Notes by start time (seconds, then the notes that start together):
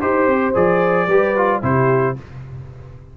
0.00 D#4 G4 C5
0.27 C4
0.54 F3 G#4 D5
1.07 G3 G4 B4
1.37 F4
1.62 C3 E4 G4 C5